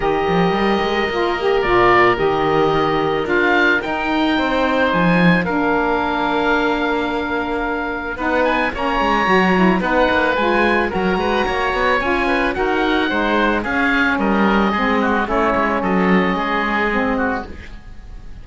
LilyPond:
<<
  \new Staff \with { instrumentName = "oboe" } { \time 4/4 \tempo 4 = 110 dis''2. d''4 | dis''2 f''4 g''4~ | g''4 gis''4 f''2~ | f''2. fis''8 gis''8 |
ais''2 fis''4 gis''4 | ais''2 gis''4 fis''4~ | fis''4 f''4 dis''2 | cis''4 dis''2. | }
  \new Staff \with { instrumentName = "oboe" } { \time 4/4 ais'1~ | ais'1 | c''2 ais'2~ | ais'2. b'4 |
cis''2 b'2 | ais'8 b'8 cis''4. b'8 ais'4 | c''4 gis'4 ais'4 gis'8 fis'8 | e'4 a'4 gis'4. fis'8 | }
  \new Staff \with { instrumentName = "saxophone" } { \time 4/4 g'2 f'8 g'8 f'4 | g'2 f'4 dis'4~ | dis'2 d'2~ | d'2. dis'4 |
cis'4 fis'8 e'8 dis'4 f'4 | fis'2 f'4 fis'4 | dis'4 cis'2 c'4 | cis'2. c'4 | }
  \new Staff \with { instrumentName = "cello" } { \time 4/4 dis8 f8 g8 gis8 ais4 ais,4 | dis2 d'4 dis'4 | c'4 f4 ais2~ | ais2. b4 |
ais8 gis8 fis4 b8 ais8 gis4 | fis8 gis8 ais8 b8 cis'4 dis'4 | gis4 cis'4 g4 gis4 | a8 gis8 fis4 gis2 | }
>>